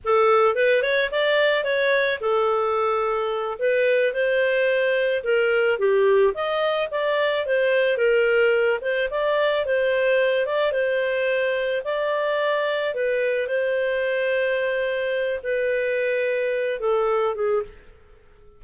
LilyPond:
\new Staff \with { instrumentName = "clarinet" } { \time 4/4 \tempo 4 = 109 a'4 b'8 cis''8 d''4 cis''4 | a'2~ a'8 b'4 c''8~ | c''4. ais'4 g'4 dis''8~ | dis''8 d''4 c''4 ais'4. |
c''8 d''4 c''4. d''8 c''8~ | c''4. d''2 b'8~ | b'8 c''2.~ c''8 | b'2~ b'8 a'4 gis'8 | }